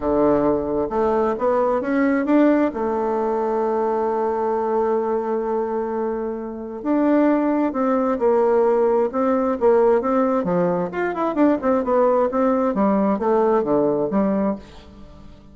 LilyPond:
\new Staff \with { instrumentName = "bassoon" } { \time 4/4 \tempo 4 = 132 d2 a4 b4 | cis'4 d'4 a2~ | a1~ | a2. d'4~ |
d'4 c'4 ais2 | c'4 ais4 c'4 f4 | f'8 e'8 d'8 c'8 b4 c'4 | g4 a4 d4 g4 | }